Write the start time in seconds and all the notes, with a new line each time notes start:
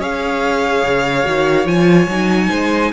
0.00 C#4 G#4 C#5 F5
0.85 C#3
1.25 D#3 F#4
1.66 F3 F4 G#5
2.08 F#3 D#4
2.50 G#3 C5